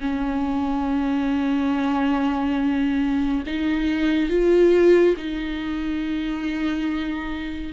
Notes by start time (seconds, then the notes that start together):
0.00 C#4
3.46 D#4
4.29 F4
5.17 D#4